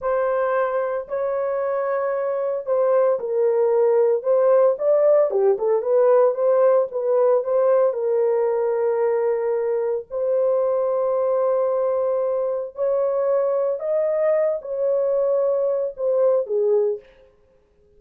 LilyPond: \new Staff \with { instrumentName = "horn" } { \time 4/4 \tempo 4 = 113 c''2 cis''2~ | cis''4 c''4 ais'2 | c''4 d''4 g'8 a'8 b'4 | c''4 b'4 c''4 ais'4~ |
ais'2. c''4~ | c''1 | cis''2 dis''4. cis''8~ | cis''2 c''4 gis'4 | }